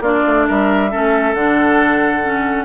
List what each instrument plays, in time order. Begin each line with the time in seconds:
0.00 bassoon A#3, clarinet D4, oboe F4, flute D5
0.26 bassoon A3
0.48 bassoon G3, oboe A#4, flute E5
0.91 bassoon A3, clarinet C#4, oboe A4
1.34 bassoon D3, clarinet D4, flute F#5
2.23 clarinet C#4